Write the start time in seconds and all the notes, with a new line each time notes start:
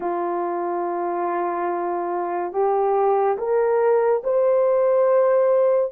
0.00 F4
2.52 G4
3.38 A#4
4.23 C5